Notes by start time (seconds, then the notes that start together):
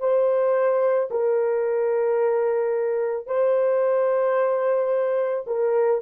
0.00 C5
1.11 A#4
3.27 C5
5.47 A#4